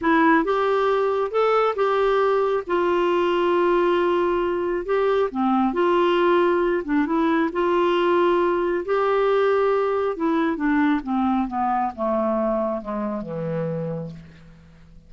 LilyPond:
\new Staff \with { instrumentName = "clarinet" } { \time 4/4 \tempo 4 = 136 e'4 g'2 a'4 | g'2 f'2~ | f'2. g'4 | c'4 f'2~ f'8 d'8 |
e'4 f'2. | g'2. e'4 | d'4 c'4 b4 a4~ | a4 gis4 e2 | }